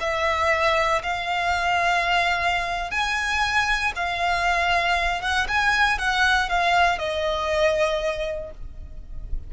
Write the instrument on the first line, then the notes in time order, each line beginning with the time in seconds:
violin
0.00 E5
1.03 F5
2.91 G#5
3.96 F5
5.21 F#5
5.48 G#5
5.98 F#5
6.49 F5
6.98 D#5